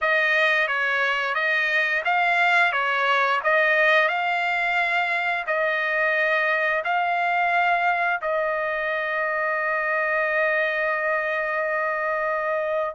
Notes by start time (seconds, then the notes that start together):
0.01 D#5
0.67 C#5
1.35 D#5
2.05 F5
2.72 C#5
3.43 D#5
4.08 F5
5.46 D#5
6.84 F5
8.21 D#5